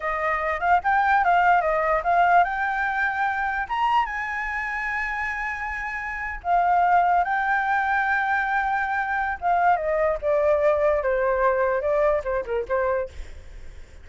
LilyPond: \new Staff \with { instrumentName = "flute" } { \time 4/4 \tempo 4 = 147 dis''4. f''8 g''4 f''4 | dis''4 f''4 g''2~ | g''4 ais''4 gis''2~ | gis''2.~ gis''8. f''16~ |
f''4.~ f''16 g''2~ g''16~ | g''2. f''4 | dis''4 d''2 c''4~ | c''4 d''4 c''8 ais'8 c''4 | }